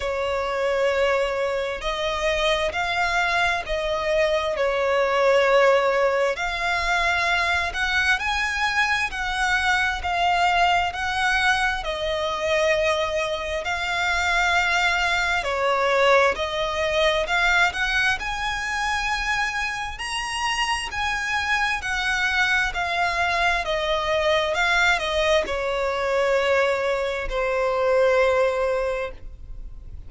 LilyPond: \new Staff \with { instrumentName = "violin" } { \time 4/4 \tempo 4 = 66 cis''2 dis''4 f''4 | dis''4 cis''2 f''4~ | f''8 fis''8 gis''4 fis''4 f''4 | fis''4 dis''2 f''4~ |
f''4 cis''4 dis''4 f''8 fis''8 | gis''2 ais''4 gis''4 | fis''4 f''4 dis''4 f''8 dis''8 | cis''2 c''2 | }